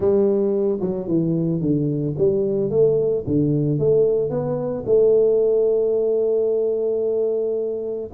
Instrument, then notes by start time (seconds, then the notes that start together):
tuba
0.00 G3
0.81 F#3
1.07 E3
1.60 D3
2.17 G3
2.70 A3
3.26 D3
3.78 A3
4.29 B3
4.86 A3